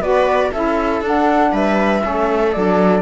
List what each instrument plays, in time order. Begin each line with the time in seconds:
0.00 cello B3, saxophone F#4, viola B4, flute D5
0.52 cello C#4, saxophone E4, viola A4, flute E5
1.01 cello D4, saxophone D4, flute F#5
1.52 cello G3, viola B4, flute E5
2.02 cello A3, saxophone C#4, viola A4
2.53 cello F#3, saxophone D4, flute D5